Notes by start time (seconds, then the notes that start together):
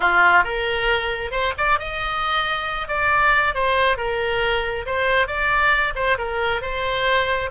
0.00 F4
0.44 A#4
1.31 C5
1.57 D5
1.79 D#5
2.88 D5
3.54 C5
3.97 A#4
4.86 C5
5.27 D5
5.95 C5
6.17 A#4
6.61 C5